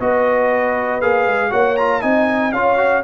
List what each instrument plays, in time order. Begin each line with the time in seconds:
0.00 tuba B3, trombone F#4, horn B4, trumpet D#5
1.01 tuba A#3, trombone G#4, trumpet F5
1.27 tuba G#3
1.51 tuba A#3, trombone F#4, horn C#5, trumpet F#5
1.77 trombone F4, trumpet A#5
2.02 tuba C4, trombone D#4, horn D#5, trumpet G#5
2.53 tuba C#4, trombone F4, horn C#5, trumpet F5
2.77 trombone F#4